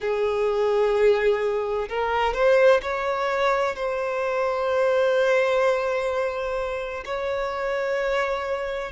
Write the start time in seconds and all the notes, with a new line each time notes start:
0.00 G#4
1.88 A#4
2.34 C5
2.81 C#5
3.75 C5
7.05 C#5